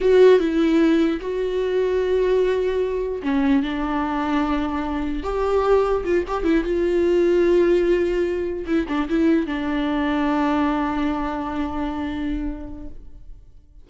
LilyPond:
\new Staff \with { instrumentName = "viola" } { \time 4/4 \tempo 4 = 149 fis'4 e'2 fis'4~ | fis'1 | cis'4 d'2.~ | d'4 g'2 f'8 g'8 |
e'8 f'2.~ f'8~ | f'4. e'8 d'8 e'4 d'8~ | d'1~ | d'1 | }